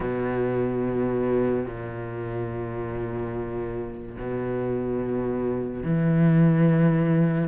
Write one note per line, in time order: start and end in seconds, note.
0.00 1.66 B2
1.66 4.16 A#2
4.18 5.83 B2
5.83 7.47 E3